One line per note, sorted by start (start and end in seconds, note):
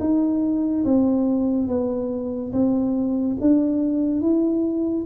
0.00 0.85 D#4
0.85 1.68 C4
1.68 2.53 B3
2.53 3.37 C4
3.41 4.21 D4
4.21 5.06 E4